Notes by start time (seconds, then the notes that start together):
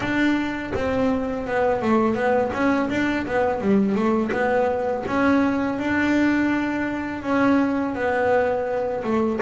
0.00 D4
0.74 C4
1.47 B3
1.82 A3
2.15 B3
2.53 C#4
2.89 D4
3.26 B3
3.60 G3
3.95 A3
4.32 B3
5.06 C#4
5.78 D4
7.22 C#4
7.95 B3
9.03 A3